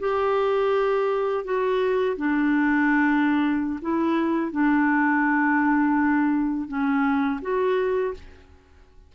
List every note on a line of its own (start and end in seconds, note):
0.00 1.45 G4
1.45 2.17 F#4
2.17 3.80 D4
3.82 4.52 E4
4.52 6.68 D4
6.68 7.41 C#4
7.42 8.14 F#4